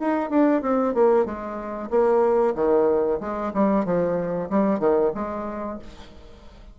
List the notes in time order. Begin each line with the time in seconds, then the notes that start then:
0.00 D#4
0.30 D4
0.62 C4
0.95 A#3
1.26 G#3
1.90 A#3
2.56 D#3
3.21 G#3
3.54 G3
3.85 F3
4.50 G3
4.80 D#3
5.15 G#3